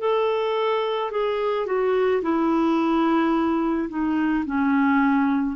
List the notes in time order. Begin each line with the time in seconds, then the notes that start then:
0.00 A4
1.11 G#4
1.66 F#4
2.22 E4
3.89 D#4
4.45 C#4